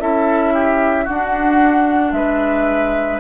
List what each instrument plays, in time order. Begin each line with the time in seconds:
0.00 bassoon C#4, clarinet E4, oboe A4, flute E5
0.53 oboe G4
1.04 clarinet D4, bassoon D4, oboe F#4, flute F#5
2.12 bassoon G#3, oboe B4, flute E5